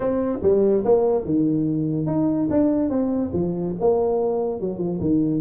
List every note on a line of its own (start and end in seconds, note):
0.00 0.39 C4
0.42 0.84 G3
0.84 1.24 A#3
1.24 2.06 D#3
2.06 2.48 D#4
2.50 2.89 D4
2.89 3.31 C4
3.33 3.75 F3
3.80 4.60 A#3
4.60 4.78 F#3
4.78 4.99 F3
5.00 5.41 D#3